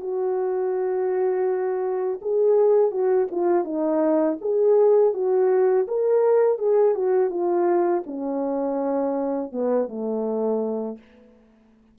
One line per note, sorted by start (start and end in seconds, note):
0.00 2.20 F#4
2.22 2.91 G#4
2.91 3.28 F#4
3.31 3.65 F4
3.65 4.38 D#4
4.41 5.14 G#4
5.14 5.87 F#4
5.88 6.59 A#4
6.59 6.95 G#4
6.95 7.30 F#4
7.30 8.03 F4
8.06 9.52 C#4
9.52 9.88 B3
9.88 10.98 A3